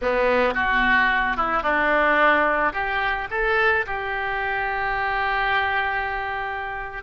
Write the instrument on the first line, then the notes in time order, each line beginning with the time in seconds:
oboe
0.01 B3
0.54 F#4
1.36 E4
1.62 D4
2.72 G4
3.30 A4
3.86 G4